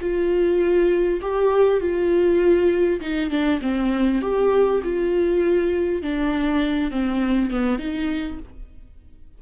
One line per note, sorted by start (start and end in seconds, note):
0.00 1.20 F4
1.21 1.80 G4
1.80 3.00 F4
3.01 3.30 D#4
3.30 3.60 D4
3.61 4.21 C4
4.21 4.81 G4
4.83 6.02 F4
6.02 6.91 D4
6.91 7.50 C4
7.50 7.78 B3
7.78 8.38 D#4